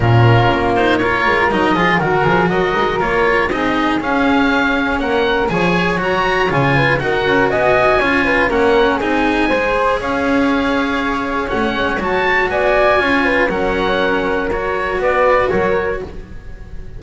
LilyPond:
<<
  \new Staff \with { instrumentName = "oboe" } { \time 4/4 \tempo 4 = 120 ais'4. c''8 cis''4 dis''4 | ais'4 dis''4 cis''4 dis''4 | f''2 fis''4 gis''4 | ais''4 gis''4 fis''4 gis''4~ |
gis''4 fis''4 gis''2 | f''2. fis''4 | a''4 gis''2 fis''4~ | fis''4 cis''4 d''4 cis''4 | }
  \new Staff \with { instrumentName = "flute" } { \time 4/4 f'2 ais'4. gis'8 | fis'8 gis'8 ais'2 gis'4~ | gis'2 ais'4 cis''4~ | cis''4. b'8 ais'4 dis''4 |
cis''8 b'8 ais'4 gis'4 c''4 | cis''1~ | cis''4 d''4 cis''8 b'8 ais'4~ | ais'2 b'4 ais'4 | }
  \new Staff \with { instrumentName = "cello" } { \time 4/4 cis'4. dis'8 f'4 dis'8 f'8 | fis'2 f'4 dis'4 | cis'2. gis'4 | fis'4 f'4 fis'2 |
f'4 cis'4 dis'4 gis'4~ | gis'2. cis'4 | fis'2 f'4 cis'4~ | cis'4 fis'2. | }
  \new Staff \with { instrumentName = "double bass" } { \time 4/4 ais,4 ais4. gis8 fis8 f8 | dis8 f8 fis8 gis8 ais4 c'4 | cis'2 ais4 f4 | fis4 cis4 dis'8 cis'8 b4 |
cis'4 ais4 c'4 gis4 | cis'2. a8 gis8 | fis4 b4 cis'4 fis4~ | fis2 b4 fis4 | }
>>